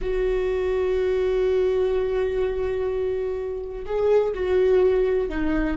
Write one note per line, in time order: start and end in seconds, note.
0.01 3.85 F#4
3.85 4.33 G#4
4.33 5.29 F#4
5.29 5.77 D#4